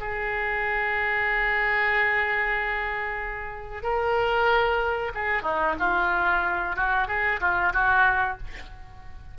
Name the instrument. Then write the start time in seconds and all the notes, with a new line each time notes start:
oboe
0.00 G#4
3.83 A#4
5.14 G#4
5.43 D#4
5.79 F4
6.76 F#4
7.08 G#4
7.40 F4
7.73 F#4